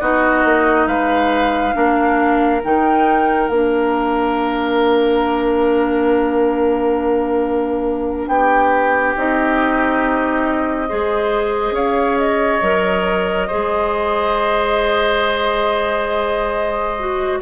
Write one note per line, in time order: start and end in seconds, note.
0.00 0.44 B3
0.00 1.73 D#4
0.00 0.87 F#4
0.00 0.87 D#5
0.44 0.86 A#3
0.86 1.73 G#3
0.86 1.74 B4
0.86 2.61 F5
1.73 2.62 A#3
1.73 2.60 D4
1.73 8.28 A#4
2.63 3.48 D#3
2.63 3.50 D#4
2.63 3.48 G5
3.48 8.26 A#3
3.48 9.15 D4
3.48 8.27 F5
8.27 9.14 B3
8.27 10.88 G4
8.27 9.14 G5
9.16 10.90 C4
9.16 10.88 D#4
9.16 11.75 D#5
10.88 11.71 G#3
10.88 12.62 G#4
10.88 11.74 C5
11.71 12.58 C#4
11.71 13.47 C#5
11.71 12.18 F5
12.18 17.39 D#5
12.61 13.48 F#3
12.61 13.49 A#4
13.47 16.97 G#4
13.47 17.38 C5
13.53 17.41 G#3
16.99 17.41 F#4